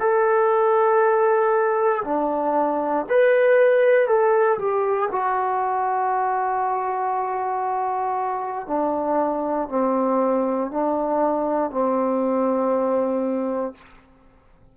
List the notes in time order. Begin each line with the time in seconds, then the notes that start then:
0.00 A4
2.04 D4
3.09 B4
4.07 A4
4.59 G4
5.12 F#4
8.67 D4
9.69 C4
10.71 D4
11.71 C4